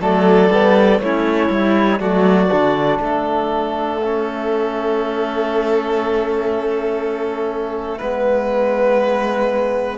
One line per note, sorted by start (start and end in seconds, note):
0.00 0.50 F#3
0.00 0.50 A3
0.00 1.00 A4
0.00 1.00 D5
0.50 0.99 G3
0.50 1.01 B3
0.99 1.49 A3
0.99 1.51 C#4
0.99 1.99 E4
0.99 2.00 C#5
1.50 2.00 G3
1.50 1.99 E4
1.99 2.50 F#3
1.99 2.49 A3
1.99 2.99 F#4
1.99 2.98 D5
2.51 2.99 D3
2.51 4.01 D4
2.98 7.99 A3
2.98 9.98 E5
3.04 7.97 A4
4.02 7.99 C#4
7.97 9.98 G#3
7.97 9.98 B3
7.97 9.97 B4